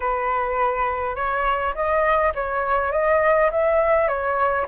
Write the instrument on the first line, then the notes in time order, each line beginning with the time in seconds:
flute
0.00 B4
1.15 C#5
1.74 D#5
2.34 C#5
2.92 D#5
3.51 E5
4.08 C#5